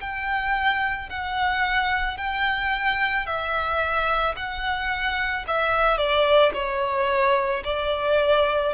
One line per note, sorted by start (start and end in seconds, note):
0.00 1.09 G5
1.09 2.17 F#5
2.17 3.26 G5
3.26 4.35 E5
4.36 5.45 F#5
5.47 5.97 E5
5.97 6.52 D5
6.54 7.63 C#5
7.64 8.73 D5